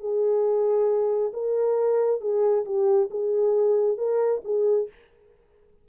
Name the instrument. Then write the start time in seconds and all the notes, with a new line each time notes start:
horn
0.00 G#4
1.33 A#4
2.21 G#4
2.65 G4
3.10 G#4
3.97 A#4
4.44 G#4